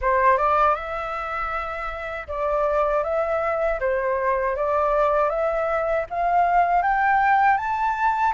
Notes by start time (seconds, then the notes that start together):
0.01 C5
0.37 D5
0.75 E5
2.28 D5
3.03 E5
3.80 C5
4.56 D5
5.29 E5
6.10 F5
6.82 G5
7.57 A5